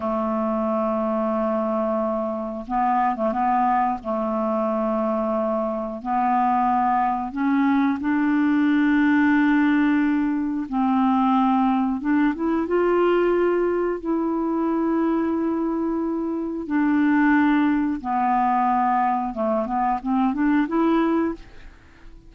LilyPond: \new Staff \with { instrumentName = "clarinet" } { \time 4/4 \tempo 4 = 90 a1 | b8. a16 b4 a2~ | a4 b2 cis'4 | d'1 |
c'2 d'8 e'8 f'4~ | f'4 e'2.~ | e'4 d'2 b4~ | b4 a8 b8 c'8 d'8 e'4 | }